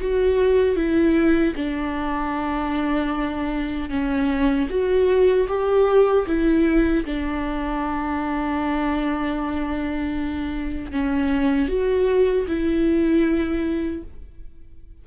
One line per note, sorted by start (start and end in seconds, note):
0.00 0.75 F#4
0.75 1.53 E4
1.55 3.89 D4
3.90 4.68 C#4
4.69 5.47 F#4
5.48 6.26 G4
6.27 7.04 E4
7.05 10.92 D4
10.92 11.68 C#4
11.68 12.46 F#4
12.47 14.03 E4